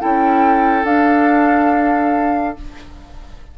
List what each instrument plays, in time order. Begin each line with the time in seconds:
0.00 bassoon C#4, clarinet E4, oboe A4, flute G5
0.84 bassoon D4, clarinet D4, flute F5